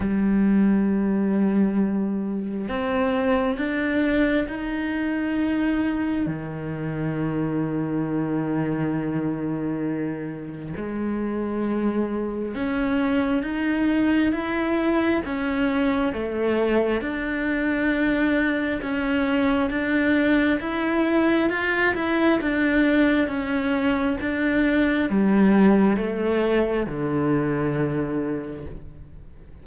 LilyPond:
\new Staff \with { instrumentName = "cello" } { \time 4/4 \tempo 4 = 67 g2. c'4 | d'4 dis'2 dis4~ | dis1 | gis2 cis'4 dis'4 |
e'4 cis'4 a4 d'4~ | d'4 cis'4 d'4 e'4 | f'8 e'8 d'4 cis'4 d'4 | g4 a4 d2 | }